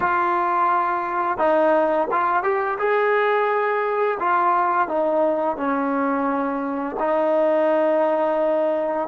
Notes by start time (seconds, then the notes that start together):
0.00 F4
1.38 D#4
2.11 F4
2.43 G4
2.78 G#4
4.19 F4
4.88 D#4
5.57 C#4
6.99 D#4